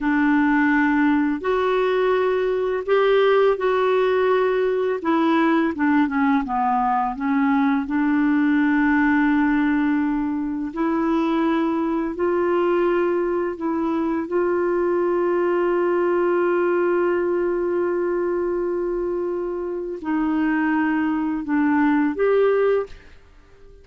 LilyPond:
\new Staff \with { instrumentName = "clarinet" } { \time 4/4 \tempo 4 = 84 d'2 fis'2 | g'4 fis'2 e'4 | d'8 cis'8 b4 cis'4 d'4~ | d'2. e'4~ |
e'4 f'2 e'4 | f'1~ | f'1 | dis'2 d'4 g'4 | }